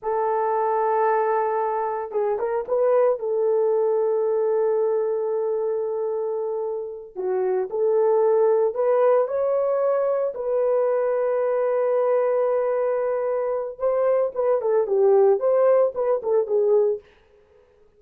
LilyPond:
\new Staff \with { instrumentName = "horn" } { \time 4/4 \tempo 4 = 113 a'1 | gis'8 ais'8 b'4 a'2~ | a'1~ | a'4. fis'4 a'4.~ |
a'8 b'4 cis''2 b'8~ | b'1~ | b'2 c''4 b'8 a'8 | g'4 c''4 b'8 a'8 gis'4 | }